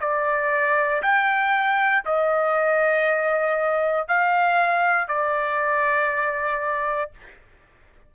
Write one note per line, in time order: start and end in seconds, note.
0.00 1.02 D5
1.02 2.04 G5
2.05 4.08 D#5
4.08 5.08 F5
5.08 7.11 D5